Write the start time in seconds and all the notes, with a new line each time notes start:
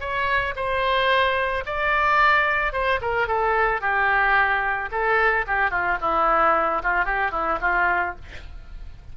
0.00 C#5
0.56 C5
1.66 D5
2.72 C5
3.01 A#4
3.27 A4
3.81 G4
4.91 A4
5.47 G4
5.70 F4
6.01 E4
6.83 F4
7.05 G4
7.31 E4
7.61 F4